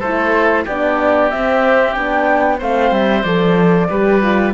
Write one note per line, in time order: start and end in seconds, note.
0.00 0.66 A3
0.00 0.69 E4
0.00 0.65 A4
0.00 0.65 C5
0.65 1.33 B3
0.65 1.32 D4
0.65 2.58 G4
0.65 1.31 D5
1.31 1.95 C4
1.31 1.97 C4
1.31 1.94 E5
1.94 2.62 B3
1.94 2.60 D4
1.94 2.58 G5
2.59 2.92 A3
2.59 3.25 C4
2.59 3.88 C5
2.59 2.94 F5
2.92 3.24 G3
2.92 3.23 E5
3.23 3.89 F3
3.23 3.90 A4
3.23 4.52 D5
3.90 4.54 G3
3.90 4.22 G4
3.90 4.54 B4
4.22 4.54 F4